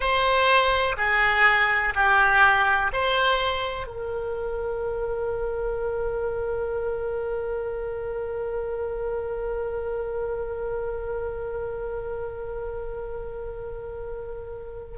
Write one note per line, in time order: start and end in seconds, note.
0.00 0.96 C5
0.97 1.94 G#4
1.94 2.91 G4
2.93 3.86 C5
3.86 14.97 A#4